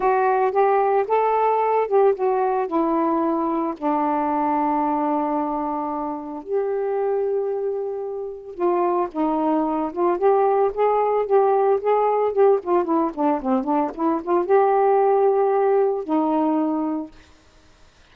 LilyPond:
\new Staff \with { instrumentName = "saxophone" } { \time 4/4 \tempo 4 = 112 fis'4 g'4 a'4. g'8 | fis'4 e'2 d'4~ | d'1 | g'1 |
f'4 dis'4. f'8 g'4 | gis'4 g'4 gis'4 g'8 f'8 | e'8 d'8 c'8 d'8 e'8 f'8 g'4~ | g'2 dis'2 | }